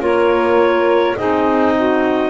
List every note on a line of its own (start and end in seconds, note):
0.00 1.15 A#3
0.00 1.17 F4
0.00 1.16 A#4
0.00 1.17 C#5
1.16 2.30 C4
1.16 2.30 D#4
1.16 1.74 G#4
1.16 2.30 D#5
1.77 2.30 F#4